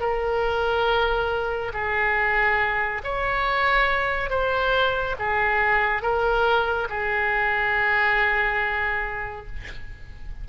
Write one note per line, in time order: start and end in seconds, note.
0.00 1.71 A#4
1.73 3.02 G#4
3.04 4.29 C#5
4.29 5.15 C5
5.19 6.02 G#4
6.02 6.88 A#4
6.89 9.46 G#4